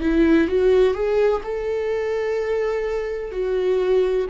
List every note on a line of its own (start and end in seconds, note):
0.00 0.47 E4
0.47 0.94 F#4
0.94 1.41 G#4
1.43 3.31 A4
3.31 4.26 F#4